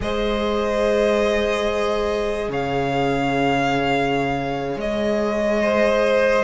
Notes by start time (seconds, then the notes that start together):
0.00 G#3 G#4 C5 D#5
2.48 C#3 C#5 F5
4.76 G#3 D#5
5.62 C5